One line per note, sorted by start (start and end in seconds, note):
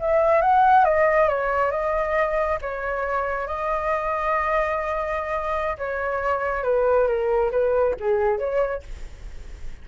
0.00 0.42 E5
0.42 0.85 F#5
0.85 1.29 D#5
1.29 1.71 C#5
1.71 2.59 D#5
2.62 3.47 C#5
3.47 5.77 D#5
5.78 6.64 C#5
6.64 7.07 B4
7.07 7.51 A#4
7.51 7.95 B4
8.00 8.39 G#4
8.39 8.83 C#5